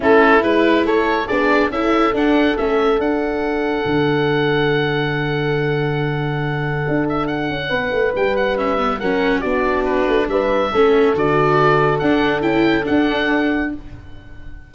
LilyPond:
<<
  \new Staff \with { instrumentName = "oboe" } { \time 4/4 \tempo 4 = 140 a'4 b'4 cis''4 d''4 | e''4 fis''4 e''4 fis''4~ | fis''1~ | fis''1~ |
fis''8 e''8 fis''2 g''8 fis''8 | e''4 fis''4 d''4 b'4 | e''2 d''2 | fis''4 g''4 fis''2 | }
  \new Staff \with { instrumentName = "horn" } { \time 4/4 e'2 a'4 gis'4 | a'1~ | a'1~ | a'1~ |
a'2 b'2~ | b'4 ais'4 fis'2 | b'4 a'2.~ | a'1 | }
  \new Staff \with { instrumentName = "viola" } { \time 4/4 cis'4 e'2 d'4 | e'4 d'4 cis'4 d'4~ | d'1~ | d'1~ |
d'1 | cis'8 b8 cis'4 d'2~ | d'4 cis'4 fis'2 | d'4 e'4 d'2 | }
  \new Staff \with { instrumentName = "tuba" } { \time 4/4 a4 gis4 a4 b4 | cis'4 d'4 a4 d'4~ | d'4 d2.~ | d1 |
d'4. cis'8 b8 a8 g4~ | g4 fis4 b4. a8 | g4 a4 d2 | d'4 cis'4 d'2 | }
>>